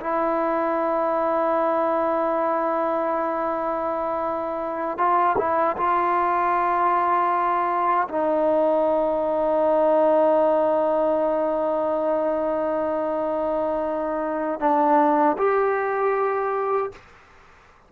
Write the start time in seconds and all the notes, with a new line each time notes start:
0.00 E4
4.98 F4
5.38 E4
5.77 F4
8.08 D#4
14.60 D4
15.38 G4